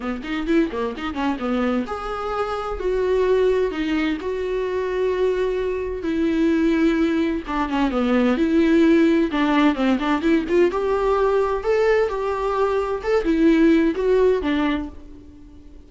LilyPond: \new Staff \with { instrumentName = "viola" } { \time 4/4 \tempo 4 = 129 b8 dis'8 e'8 ais8 dis'8 cis'8 b4 | gis'2 fis'2 | dis'4 fis'2.~ | fis'4 e'2. |
d'8 cis'8 b4 e'2 | d'4 c'8 d'8 e'8 f'8 g'4~ | g'4 a'4 g'2 | a'8 e'4. fis'4 d'4 | }